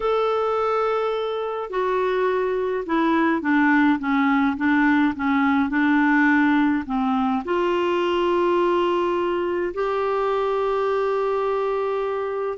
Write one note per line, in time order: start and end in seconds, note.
0.00 1.70 A4
1.70 2.84 F#4
2.86 3.41 E4
3.41 3.98 D4
3.99 4.56 C#4
4.56 5.14 D4
5.15 5.69 C#4
5.69 6.84 D4
6.86 7.43 C4
7.44 9.73 F4
9.74 12.57 G4